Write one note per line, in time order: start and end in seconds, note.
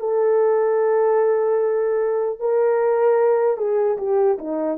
0.00 2.40 A4
2.40 3.57 A#4
3.57 3.97 G#4
3.98 4.38 G4
4.39 4.79 D#4